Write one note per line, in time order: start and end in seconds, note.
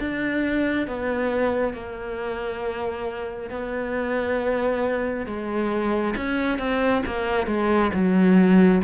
0.00 0.87 D4
0.87 1.74 B3
1.74 3.50 A#3
3.50 5.26 B3
5.26 6.14 G#3
6.16 6.58 C#4
6.58 7.02 C4
7.06 7.47 A#3
7.47 7.91 G#3
7.93 8.82 F#3